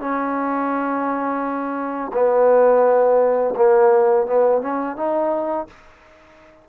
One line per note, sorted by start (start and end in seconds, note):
0.00 2.12 C#4
2.13 3.55 B3
3.56 4.26 A#3
4.26 4.62 B3
4.62 4.97 C#4
4.97 5.67 D#4